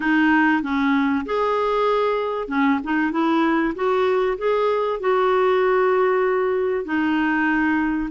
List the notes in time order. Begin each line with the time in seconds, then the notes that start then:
0.00 D#4
0.62 C#4
1.25 G#4
2.48 C#4
2.83 D#4
3.11 E4
3.75 F#4
4.38 G#4
5.00 F#4
6.84 D#4